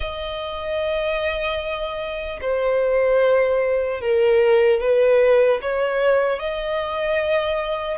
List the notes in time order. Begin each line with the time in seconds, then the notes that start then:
0.00 D#5
2.41 C5
4.00 A#4
4.80 B4
5.61 C#5
6.39 D#5